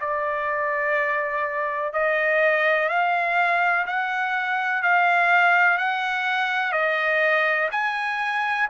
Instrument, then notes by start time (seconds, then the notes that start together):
trumpet
0.00 D5
1.93 D#5
2.89 F5
3.87 F#5
4.83 F5
5.78 F#5
6.72 D#5
7.71 G#5